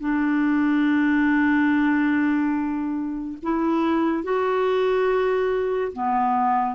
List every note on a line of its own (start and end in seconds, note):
0.00 3.38 D4
3.43 4.24 E4
4.24 5.93 F#4
5.93 6.75 B3